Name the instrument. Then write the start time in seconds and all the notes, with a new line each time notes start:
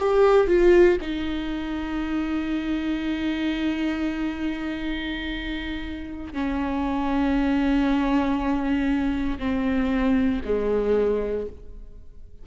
viola
0.00 G4
0.48 F4
1.02 D#4
6.34 C#4
9.39 C4
10.45 G#3